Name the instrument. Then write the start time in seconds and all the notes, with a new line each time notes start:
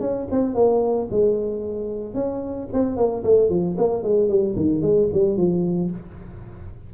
tuba
0.00 C#4
0.31 C4
0.55 A#3
1.10 G#3
2.14 C#4
2.73 C4
2.96 A#3
3.24 A3
3.49 F3
3.77 A#3
4.03 G#3
4.28 G3
4.56 D#3
4.82 G#3
5.13 G3
5.37 F3